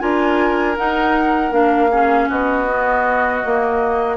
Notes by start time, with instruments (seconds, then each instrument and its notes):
0.00 bassoon D4, clarinet F4, oboe A#4, flute G#5
0.78 clarinet D#4, bassoon D#4, flute F#5
1.51 bassoon A#3, clarinet D4, flute F5
1.91 clarinet C#4, oboe G#4
2.29 bassoon B3, oboe F#4, flute D#5
2.68 clarinet B3
3.44 clarinet A#3, bassoon A#3